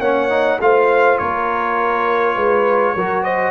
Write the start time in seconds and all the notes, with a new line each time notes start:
0.00 A#3 C#4 C#5 F#5
0.30 D#4
0.60 A3 F4 C5 F5
1.19 A#3 A#4 C#5
2.35 G#3 B4
2.96 F#3 F#4 A#4
3.24 C5 D#5